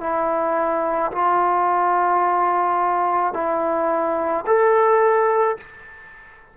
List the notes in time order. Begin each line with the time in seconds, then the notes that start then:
0.00 E4
1.11 F4
3.33 E4
4.46 A4